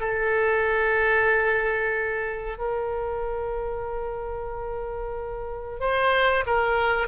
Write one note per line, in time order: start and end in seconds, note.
0.00 2.58 A4
2.58 5.80 A#4
5.80 6.45 C5
6.46 7.08 A#4